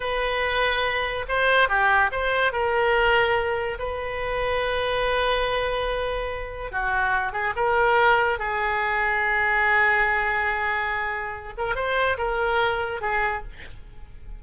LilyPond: \new Staff \with { instrumentName = "oboe" } { \time 4/4 \tempo 4 = 143 b'2. c''4 | g'4 c''4 ais'2~ | ais'4 b'2.~ | b'1 |
fis'4. gis'8 ais'2 | gis'1~ | gis'2.~ gis'8 ais'8 | c''4 ais'2 gis'4 | }